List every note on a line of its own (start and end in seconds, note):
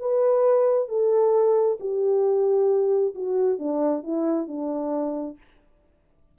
0.00 0.89 B4
0.89 1.78 A4
1.81 3.15 G4
3.15 3.59 F#4
3.59 4.04 D4
4.04 4.48 E4
4.48 5.38 D4